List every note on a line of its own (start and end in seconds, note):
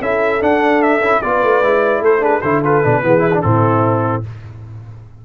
0.00 0.40 C#4
0.00 0.40 E4
0.00 1.22 A4
0.00 0.42 E5
0.40 1.01 D4
0.40 0.99 D4
0.40 0.82 F#5
0.82 1.22 E5
0.99 1.19 C#4
0.99 1.22 E4
1.22 1.43 B3
1.22 1.63 F4
1.22 2.02 B4
1.22 2.02 D5
1.43 1.62 A3
1.62 2.00 G#3
1.62 2.20 E4
2.00 2.41 A3
2.00 2.21 A4
2.00 2.24 C5
2.20 2.40 D4
2.20 2.41 G#4
2.20 2.41 B4
2.41 2.83 D3
2.41 2.64 E4
2.41 3.03 A4
2.41 2.61 C5
2.64 2.83 F4
2.64 3.41 B4
2.83 3.03 B2
2.83 3.03 D4
3.03 3.43 E3
3.03 3.19 B3
3.03 3.44 G#4
3.19 3.29 E4
3.34 3.43 D4
3.41 4.24 A2
3.41 4.23 C4
3.41 4.25 E4
3.41 4.22 A4